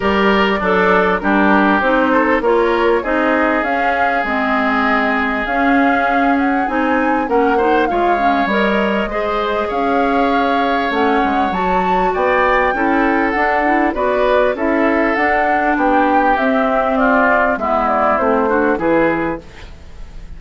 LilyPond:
<<
  \new Staff \with { instrumentName = "flute" } { \time 4/4 \tempo 4 = 99 d''2 ais'4 c''4 | cis''4 dis''4 f''4 dis''4~ | dis''4 f''4. fis''8 gis''4 | fis''4 f''4 dis''2 |
f''2 fis''4 a''4 | g''2 fis''4 d''4 | e''4 fis''4 g''4 e''4 | d''4 e''8 d''8 c''4 b'4 | }
  \new Staff \with { instrumentName = "oboe" } { \time 4/4 ais'4 d'4 g'4. a'8 | ais'4 gis'2.~ | gis'1 | ais'8 c''8 cis''2 c''4 |
cis''1 | d''4 a'2 b'4 | a'2 g'2 | f'4 e'4. fis'8 gis'4 | }
  \new Staff \with { instrumentName = "clarinet" } { \time 4/4 g'4 a'4 d'4 dis'4 | f'4 dis'4 cis'4 c'4~ | c'4 cis'2 dis'4 | cis'8 dis'8 f'8 cis'8 ais'4 gis'4~ |
gis'2 cis'4 fis'4~ | fis'4 e'4 d'8 e'8 fis'4 | e'4 d'2 c'4~ | c'4 b4 c'8 d'8 e'4 | }
  \new Staff \with { instrumentName = "bassoon" } { \time 4/4 g4 fis4 g4 c'4 | ais4 c'4 cis'4 gis4~ | gis4 cis'2 c'4 | ais4 gis4 g4 gis4 |
cis'2 a8 gis8 fis4 | b4 cis'4 d'4 b4 | cis'4 d'4 b4 c'4~ | c'4 gis4 a4 e4 | }
>>